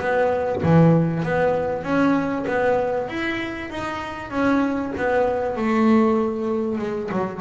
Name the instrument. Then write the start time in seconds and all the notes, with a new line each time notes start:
double bass
0.00 B3
0.63 E3
1.23 B3
1.83 C#4
2.47 B3
3.08 E4
3.70 D#4
4.30 C#4
4.97 B3
5.57 A3
6.79 G#3
7.12 F#3